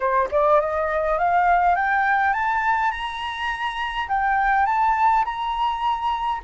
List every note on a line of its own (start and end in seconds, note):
0.00 0.28 C5
0.31 0.60 D5
0.60 1.18 D#5
1.18 1.75 F5
1.75 2.33 G5
2.33 2.91 A5
2.91 4.08 A#5
4.08 4.66 G5
4.66 5.24 A5
5.24 6.41 A#5